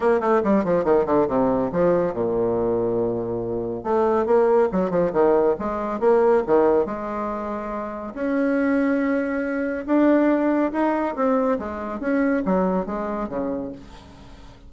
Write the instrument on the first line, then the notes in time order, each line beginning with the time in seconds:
bassoon
0.00 A#3
0.20 A3
0.43 G3
0.64 F3
0.84 D#3
1.05 D3
1.28 C3
1.71 F3
2.13 A#2
3.83 A3
4.25 A#3
4.72 F#3
4.90 F3
5.12 D#3
5.59 G#3
6.00 A#3
6.46 D#3
6.85 G#3
8.14 C#4
9.86 D4
10.72 D#4
11.15 C4
11.59 G#3
12.00 C#4
12.45 F#3
12.86 G#3
13.29 C#3